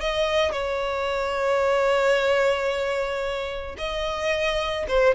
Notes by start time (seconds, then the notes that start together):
0.00 D#5
0.52 C#5
3.78 D#5
4.88 C5